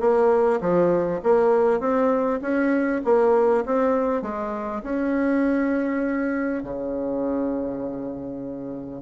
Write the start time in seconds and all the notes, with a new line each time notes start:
0.00 A#3
0.61 F3
1.23 A#3
1.80 C4
2.42 C#4
3.04 A#3
3.66 C4
4.22 G#3
4.83 C#4
6.63 C#3